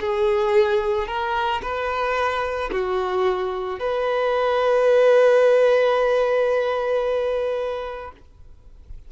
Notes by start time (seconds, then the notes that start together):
0.00 G#4
1.07 A#4
1.62 B4
2.72 F#4
3.79 B4